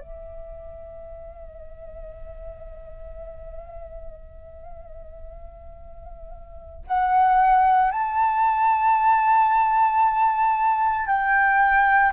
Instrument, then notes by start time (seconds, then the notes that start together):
flute
0.00 E5
6.87 F#5
7.91 A5
11.07 G5